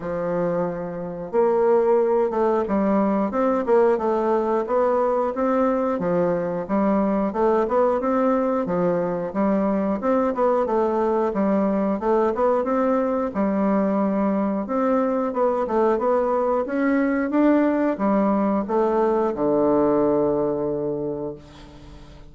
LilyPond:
\new Staff \with { instrumentName = "bassoon" } { \time 4/4 \tempo 4 = 90 f2 ais4. a8 | g4 c'8 ais8 a4 b4 | c'4 f4 g4 a8 b8 | c'4 f4 g4 c'8 b8 |
a4 g4 a8 b8 c'4 | g2 c'4 b8 a8 | b4 cis'4 d'4 g4 | a4 d2. | }